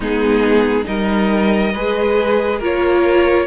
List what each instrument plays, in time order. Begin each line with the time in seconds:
0.00 cello G#3, viola B3, violin D#4 G#4
0.84 cello G3, viola D#4, violin A#4 D#5
1.72 cello G#3, viola G#4, violin B4
2.58 cello A#3, viola F4, violin A#4 C#5